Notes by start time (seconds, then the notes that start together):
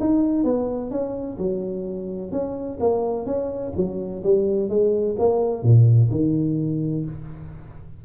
0.00 D#4
0.44 B3
0.91 C#4
1.38 F#3
2.32 C#4
2.80 A#3
3.26 C#4
3.76 F#3
4.24 G3
4.69 G#3
5.19 A#3
5.63 A#2
6.11 D#3